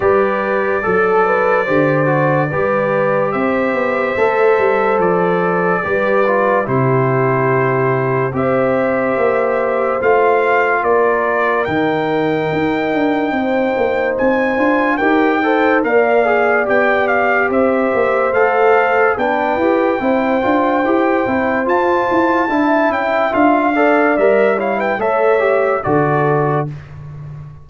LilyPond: <<
  \new Staff \with { instrumentName = "trumpet" } { \time 4/4 \tempo 4 = 72 d''1 | e''2 d''2 | c''2 e''2 | f''4 d''4 g''2~ |
g''4 gis''4 g''4 f''4 | g''8 f''8 e''4 f''4 g''4~ | g''2 a''4. g''8 | f''4 e''8 f''16 g''16 e''4 d''4 | }
  \new Staff \with { instrumentName = "horn" } { \time 4/4 b'4 a'8 b'8 c''4 b'4 | c''2. b'4 | g'2 c''2~ | c''4 ais'2. |
c''2 ais'8 c''8 d''4~ | d''4 c''2 b'4 | c''2. e''4~ | e''8 d''4 cis''16 b'16 cis''4 a'4 | }
  \new Staff \with { instrumentName = "trombone" } { \time 4/4 g'4 a'4 g'8 fis'8 g'4~ | g'4 a'2 g'8 f'8 | e'2 g'2 | f'2 dis'2~ |
dis'4. f'8 g'8 a'8 ais'8 gis'8 | g'2 a'4 d'8 g'8 | e'8 f'8 g'8 e'8 f'4 e'4 | f'8 a'8 ais'8 e'8 a'8 g'8 fis'4 | }
  \new Staff \with { instrumentName = "tuba" } { \time 4/4 g4 fis4 d4 g4 | c'8 b8 a8 g8 f4 g4 | c2 c'4 ais4 | a4 ais4 dis4 dis'8 d'8 |
c'8 ais8 c'8 d'8 dis'4 ais4 | b4 c'8 ais8 a4 b8 e'8 | c'8 d'8 e'8 c'8 f'8 e'8 d'8 cis'8 | d'4 g4 a4 d4 | }
>>